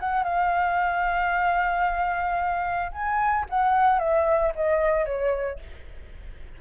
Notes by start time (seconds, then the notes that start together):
0.00 F#5
0.24 F5
2.92 G#5
3.49 F#5
3.99 E5
4.55 D#5
5.06 C#5